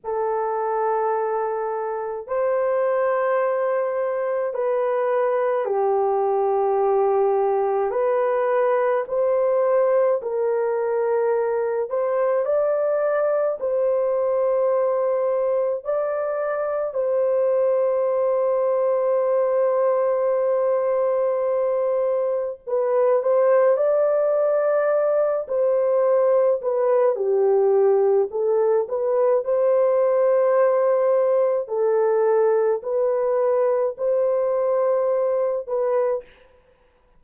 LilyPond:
\new Staff \with { instrumentName = "horn" } { \time 4/4 \tempo 4 = 53 a'2 c''2 | b'4 g'2 b'4 | c''4 ais'4. c''8 d''4 | c''2 d''4 c''4~ |
c''1 | b'8 c''8 d''4. c''4 b'8 | g'4 a'8 b'8 c''2 | a'4 b'4 c''4. b'8 | }